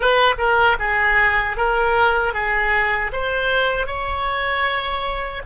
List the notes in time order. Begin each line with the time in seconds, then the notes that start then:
0.00 B4
0.38 A#4
0.79 G#4
1.56 A#4
2.33 G#4
3.12 C5
3.86 C#5